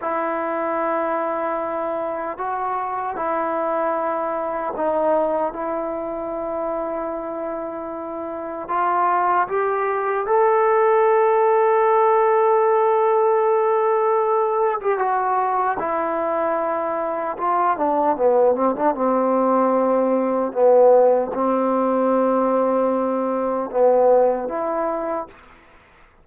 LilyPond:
\new Staff \with { instrumentName = "trombone" } { \time 4/4 \tempo 4 = 76 e'2. fis'4 | e'2 dis'4 e'4~ | e'2. f'4 | g'4 a'2.~ |
a'2~ a'8. g'16 fis'4 | e'2 f'8 d'8 b8 c'16 d'16 | c'2 b4 c'4~ | c'2 b4 e'4 | }